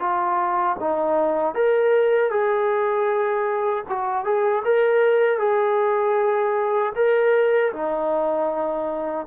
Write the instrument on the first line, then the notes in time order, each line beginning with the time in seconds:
trombone
0.00 F4
0.80 D#4
1.55 A#4
2.30 G#4
3.89 F#4
4.25 G#4
4.65 A#4
5.39 G#4
6.96 A#4
7.73 D#4